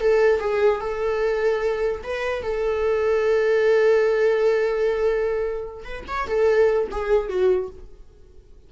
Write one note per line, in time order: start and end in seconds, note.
0.00 0.40 A4
0.40 0.80 G#4
0.81 2.02 A4
2.04 2.43 B4
2.43 5.84 A4
5.84 6.05 B4
6.08 6.27 C#5
6.27 6.88 A4
6.91 7.29 G#4
7.29 7.69 F#4